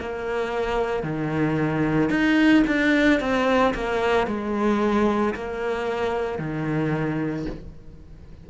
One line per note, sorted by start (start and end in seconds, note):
0.00 1.03 A#3
1.03 2.10 D#3
2.10 2.63 D#4
2.67 3.20 D4
3.20 3.74 C4
3.74 4.27 A#3
4.27 5.34 G#3
5.35 6.38 A#3
6.38 7.46 D#3